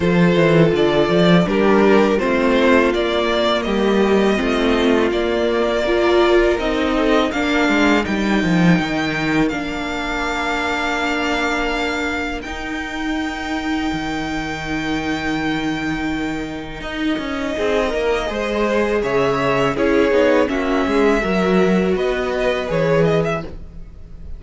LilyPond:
<<
  \new Staff \with { instrumentName = "violin" } { \time 4/4 \tempo 4 = 82 c''4 d''4 ais'4 c''4 | d''4 dis''2 d''4~ | d''4 dis''4 f''4 g''4~ | g''4 f''2.~ |
f''4 g''2.~ | g''2. dis''4~ | dis''2 e''4 cis''4 | e''2 dis''4 cis''8 dis''16 e''16 | }
  \new Staff \with { instrumentName = "violin" } { \time 4/4 a'2 g'4 f'4~ | f'4 g'4 f'2 | ais'4. a'8 ais'2~ | ais'1~ |
ais'1~ | ais'1 | gis'8 ais'8 c''4 cis''4 gis'4 | fis'8 gis'8 ais'4 b'2 | }
  \new Staff \with { instrumentName = "viola" } { \time 4/4 f'2 d'4 c'4 | ais2 c'4 ais4 | f'4 dis'4 d'4 dis'4~ | dis'4 d'2.~ |
d'4 dis'2.~ | dis'1~ | dis'4 gis'2 e'8 dis'8 | cis'4 fis'2 gis'4 | }
  \new Staff \with { instrumentName = "cello" } { \time 4/4 f8 e8 d8 f8 g4 a4 | ais4 g4 a4 ais4~ | ais4 c'4 ais8 gis8 g8 f8 | dis4 ais2.~ |
ais4 dis'2 dis4~ | dis2. dis'8 cis'8 | c'8 ais8 gis4 cis4 cis'8 b8 | ais8 gis8 fis4 b4 e4 | }
>>